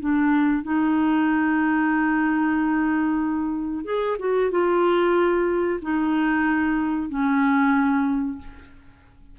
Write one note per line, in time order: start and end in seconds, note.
0.00 0.63 D4
0.63 3.85 D#4
3.85 4.17 G#4
4.19 4.51 F#4
4.51 5.80 F4
5.82 7.10 D#4
7.10 8.39 C#4